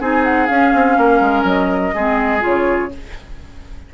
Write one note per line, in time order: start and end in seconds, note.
0.00 0.49 C4
0.00 0.48 D#4
0.00 0.98 G#4
0.00 0.24 G#5
0.24 0.46 F#5
0.46 1.94 C#4
0.46 0.74 C#4
0.46 1.44 F5
0.74 0.98 C4
0.98 1.20 A#3
0.98 1.95 A#4
1.20 1.43 G#3
1.43 1.92 F#3
1.43 2.43 D#5
1.95 2.44 G#3
1.95 2.40 C4
1.95 2.92 G#4
2.40 2.93 C#3
2.40 2.89 F4
2.40 2.94 C#5